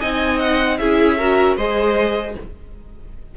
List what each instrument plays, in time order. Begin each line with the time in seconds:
0.00 cello C4, viola D#4, violin D#5 G#5
0.39 violin F#5
0.78 cello C#4, viola E4, violin G#4 E5
1.18 viola F#4, violin A#4
1.57 cello G#3, viola G#4, violin C5 D#5